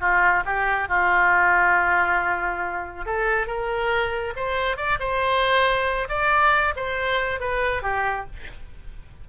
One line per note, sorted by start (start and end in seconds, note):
0.00 0.43 F4
0.45 0.88 G4
0.88 3.06 F4
3.06 3.46 A4
3.46 4.33 A#4
4.36 4.76 C5
4.76 4.98 D5
4.99 6.08 C5
6.09 6.74 D5
6.76 7.40 C5
7.40 7.82 B4
7.82 8.26 G4